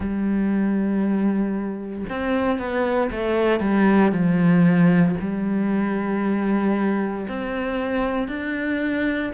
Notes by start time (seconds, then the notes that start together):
0.00 G3
2.09 C4
2.59 B3
3.11 A3
3.60 G3
4.11 F3
5.20 G3
7.27 C4
8.28 D4